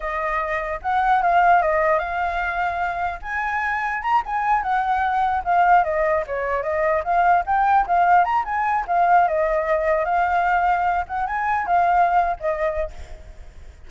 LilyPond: \new Staff \with { instrumentName = "flute" } { \time 4/4 \tempo 4 = 149 dis''2 fis''4 f''4 | dis''4 f''2. | gis''2 ais''8 gis''4 fis''8~ | fis''4. f''4 dis''4 cis''8~ |
cis''8 dis''4 f''4 g''4 f''8~ | f''8 ais''8 gis''4 f''4 dis''4~ | dis''4 f''2~ f''8 fis''8 | gis''4 f''4.~ f''16 dis''4~ dis''16 | }